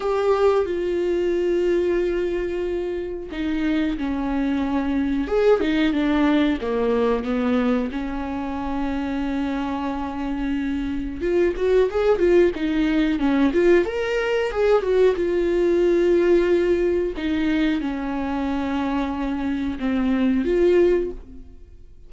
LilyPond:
\new Staff \with { instrumentName = "viola" } { \time 4/4 \tempo 4 = 91 g'4 f'2.~ | f'4 dis'4 cis'2 | gis'8 dis'8 d'4 ais4 b4 | cis'1~ |
cis'4 f'8 fis'8 gis'8 f'8 dis'4 | cis'8 f'8 ais'4 gis'8 fis'8 f'4~ | f'2 dis'4 cis'4~ | cis'2 c'4 f'4 | }